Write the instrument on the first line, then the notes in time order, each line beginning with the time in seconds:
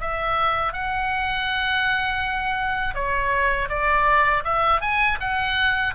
oboe
0.00 E5
0.73 F#5
2.95 C#5
3.69 D5
4.44 E5
4.81 G#5
5.20 F#5